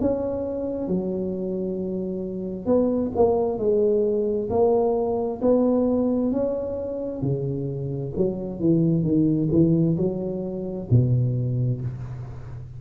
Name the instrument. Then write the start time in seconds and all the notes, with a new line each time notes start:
tuba
0.00 C#4
0.87 F#3
2.66 B3
3.15 A#3
3.57 G#3
4.49 A#3
5.41 B3
6.31 C#4
7.21 C#3
8.16 F#3
8.60 E3
9.03 D#3
9.51 E3
9.96 F#3
10.90 B2